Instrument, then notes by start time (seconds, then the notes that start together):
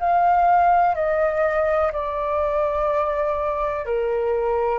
flute
0.00 F5
0.95 D#5
1.93 D5
3.86 A#4